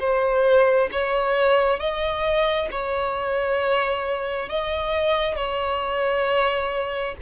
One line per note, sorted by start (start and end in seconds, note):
0.00 0.90 C5
0.92 1.80 C#5
1.80 2.69 D#5
2.71 4.49 C#5
4.49 5.36 D#5
5.36 7.15 C#5